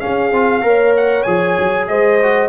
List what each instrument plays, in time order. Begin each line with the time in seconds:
0.00 trombone C#4, horn G#4, trumpet F5
0.06 tuba C#4
0.32 tuba C4, trombone F4
0.62 tuba A#3, trombone A#4, horn C#5
0.97 trumpet F#5
1.23 tuba F3, trombone G#4, trumpet G#5
1.59 tuba F#3
1.88 tuba G#3, horn C5, trumpet D#5
2.23 trombone F#4